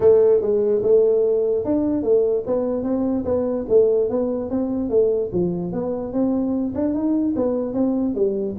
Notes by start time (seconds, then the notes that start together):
0.00 A3
0.41 G#3
0.83 A3
1.65 D4
2.02 A3
2.46 B3
2.83 C4
3.24 B3
3.68 A3
4.09 B3
4.50 C4
4.89 A3
5.32 F3
5.72 B3
6.12 C4
6.74 D4
6.94 D#4
7.35 B3
7.73 C4
8.14 G3